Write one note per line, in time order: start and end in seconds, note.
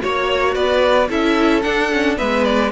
0.00 0.55 A#3
0.00 1.08 F#4
0.00 0.54 C#5
0.54 1.09 B3
0.54 1.08 B4
0.54 1.08 D5
1.09 1.64 C#4
1.09 1.62 E4
1.09 2.17 A4
1.09 1.61 E5
1.61 1.89 D4
1.61 2.19 D4
1.61 2.15 F#5
1.92 2.16 C#4
2.16 2.71 G#3
2.16 2.70 B3
2.16 2.71 B4
2.16 2.44 E5
2.44 2.71 D5